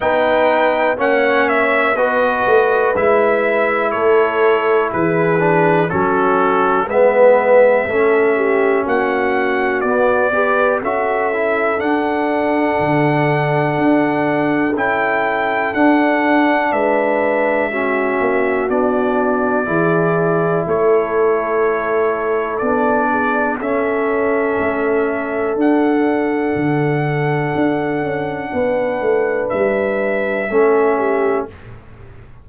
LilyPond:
<<
  \new Staff \with { instrumentName = "trumpet" } { \time 4/4 \tempo 4 = 61 g''4 fis''8 e''8 dis''4 e''4 | cis''4 b'4 a'4 e''4~ | e''4 fis''4 d''4 e''4 | fis''2. g''4 |
fis''4 e''2 d''4~ | d''4 cis''2 d''4 | e''2 fis''2~ | fis''2 e''2 | }
  \new Staff \with { instrumentName = "horn" } { \time 4/4 b'4 cis''4 b'2 | a'4 gis'4 fis'4 b'4 | a'8 g'8 fis'4. b'8 a'4~ | a'1~ |
a'4 b'4 fis'2 | gis'4 a'2~ a'8 gis'8 | a'1~ | a'4 b'2 a'8 g'8 | }
  \new Staff \with { instrumentName = "trombone" } { \time 4/4 dis'4 cis'4 fis'4 e'4~ | e'4. d'8 cis'4 b4 | cis'2 b8 g'8 fis'8 e'8 | d'2. e'4 |
d'2 cis'4 d'4 | e'2. d'4 | cis'2 d'2~ | d'2. cis'4 | }
  \new Staff \with { instrumentName = "tuba" } { \time 4/4 b4 ais4 b8 a8 gis4 | a4 e4 fis4 gis4 | a4 ais4 b4 cis'4 | d'4 d4 d'4 cis'4 |
d'4 gis4. ais8 b4 | e4 a2 b4 | cis'4 a4 d'4 d4 | d'8 cis'8 b8 a8 g4 a4 | }
>>